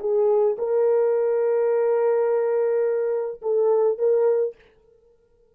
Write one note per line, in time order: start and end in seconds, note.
0.00 0.57 G#4
0.58 3.41 A#4
3.42 3.99 A4
3.99 4.55 A#4